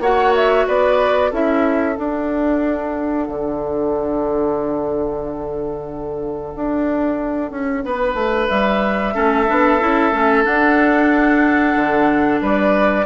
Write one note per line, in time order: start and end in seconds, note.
0.00 0.65 A#3
0.00 1.32 F#4
0.00 0.67 C#5
0.00 0.34 F#5
0.35 0.68 E5
0.68 1.32 B3
0.68 1.31 B4
0.68 1.33 D5
1.31 1.97 C#4
1.31 1.96 E4
1.31 7.83 A4
1.31 1.96 E5
1.96 9.13 D4
1.96 3.28 D4
1.96 8.48 F#5
3.28 6.54 D3
6.56 7.51 D4
7.51 7.84 C#4
7.85 8.14 B3
7.85 9.15 B4
8.14 8.47 A3
8.49 9.15 G3
8.49 10.44 E5
9.14 9.49 A3
9.14 9.46 C#4
9.14 12.41 A4
9.47 9.81 B3
9.47 9.80 D4
9.80 10.12 C#4
9.80 10.12 E4
10.12 10.45 A3
10.12 10.44 C#4
10.44 13.05 D4
10.44 11.76 D4
10.44 12.41 F#5
11.76 12.41 D3
12.42 13.06 G3
12.42 13.06 B4
12.42 13.06 D5